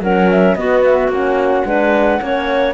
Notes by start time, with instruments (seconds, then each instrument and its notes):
0.00 cello F#3, horn C#4, clarinet A#4, flute F#5
0.30 flute E5
0.55 cello B3, horn B3, clarinet F#4, flute D#5
0.84 flute E5
1.08 cello A#3, horn C#4, flute F#5
1.65 cello G#3, horn D4, clarinet B4
2.20 cello A#3, horn C#4, clarinet C#5